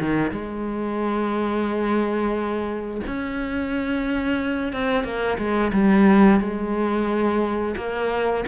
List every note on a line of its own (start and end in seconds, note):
0.00 0.31 D#3
0.31 3.01 G#3
3.07 4.73 C#4
4.73 5.04 C4
5.04 5.37 A#3
5.38 5.72 G#3
5.73 6.40 G3
6.40 7.75 G#3
7.77 8.44 A#3